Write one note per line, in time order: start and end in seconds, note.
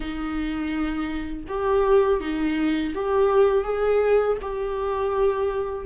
0.00 1.44 D#4
1.48 2.20 G4
2.20 2.93 D#4
2.94 3.64 G4
3.64 4.37 G#4
4.41 5.85 G4